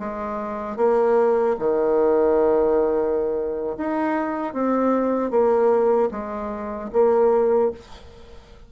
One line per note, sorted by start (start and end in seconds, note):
0.00 0.77 G#3
0.77 1.56 A#3
1.60 3.77 D#3
3.78 4.54 D#4
4.54 5.31 C4
5.31 6.10 A#3
6.11 6.90 G#3
6.93 7.72 A#3